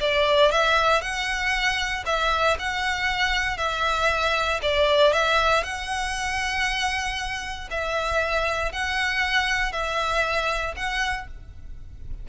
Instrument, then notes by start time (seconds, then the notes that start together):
violin
0.00 D5
0.51 E5
1.01 F#5
2.06 E5
2.59 F#5
3.57 E5
4.62 D5
5.13 E5
5.63 F#5
7.70 E5
8.72 F#5
9.72 E5
10.76 F#5